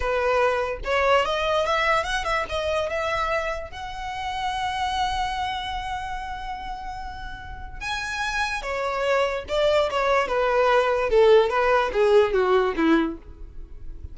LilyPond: \new Staff \with { instrumentName = "violin" } { \time 4/4 \tempo 4 = 146 b'2 cis''4 dis''4 | e''4 fis''8 e''8 dis''4 e''4~ | e''4 fis''2.~ | fis''1~ |
fis''2. gis''4~ | gis''4 cis''2 d''4 | cis''4 b'2 a'4 | b'4 gis'4 fis'4 e'4 | }